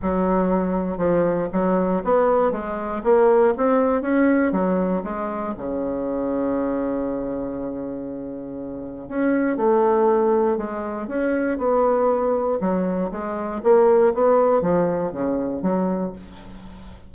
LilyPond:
\new Staff \with { instrumentName = "bassoon" } { \time 4/4 \tempo 4 = 119 fis2 f4 fis4 | b4 gis4 ais4 c'4 | cis'4 fis4 gis4 cis4~ | cis1~ |
cis2 cis'4 a4~ | a4 gis4 cis'4 b4~ | b4 fis4 gis4 ais4 | b4 f4 cis4 fis4 | }